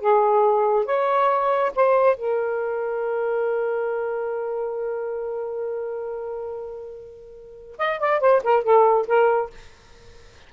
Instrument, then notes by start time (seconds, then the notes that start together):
saxophone
0.00 G#4
0.85 C#5
1.75 C5
2.16 A#4
7.78 D#5
8.00 D5
8.20 C5
8.43 A#4
8.63 A4
9.07 A#4